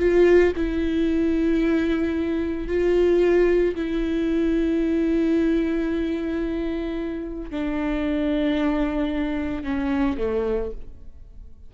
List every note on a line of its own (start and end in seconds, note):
0.00 0.54 F4
0.57 2.68 E4
2.68 3.75 F4
3.76 7.51 E4
7.51 9.64 D4
9.64 10.18 C#4
10.18 10.72 A3